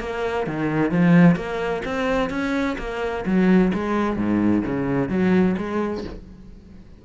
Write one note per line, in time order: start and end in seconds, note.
0.00 0.47 A#3
0.47 0.91 D#3
0.91 1.36 F3
1.36 1.82 A#3
1.85 2.30 C4
2.30 2.77 C#4
2.78 3.25 A#3
3.26 3.72 F#3
3.74 4.16 G#3
4.16 4.63 G#2
4.65 5.09 C#3
5.09 5.56 F#3
5.58 6.04 G#3